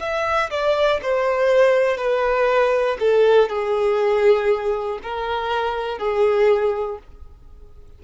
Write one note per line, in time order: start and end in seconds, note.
0.00 0.50 E5
0.50 1.00 D5
1.02 1.97 C5
1.97 2.97 B4
2.99 3.49 A4
3.49 4.99 G#4
5.02 5.98 A#4
5.98 6.98 G#4